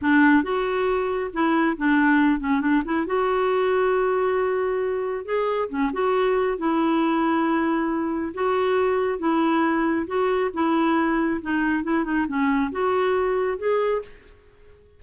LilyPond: \new Staff \with { instrumentName = "clarinet" } { \time 4/4 \tempo 4 = 137 d'4 fis'2 e'4 | d'4. cis'8 d'8 e'8 fis'4~ | fis'1 | gis'4 cis'8 fis'4. e'4~ |
e'2. fis'4~ | fis'4 e'2 fis'4 | e'2 dis'4 e'8 dis'8 | cis'4 fis'2 gis'4 | }